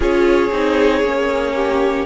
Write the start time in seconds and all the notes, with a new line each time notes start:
0.00 C#4 F4 G#4 C#5
0.51 C4 D#4
1.03 A#3 C#4
1.54 G4